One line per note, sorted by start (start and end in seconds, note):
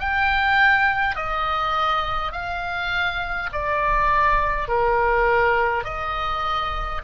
0.00 1.16 G5
1.16 2.32 D#5
2.32 3.50 F5
3.52 4.68 D5
4.68 5.84 A#4
5.84 7.02 D#5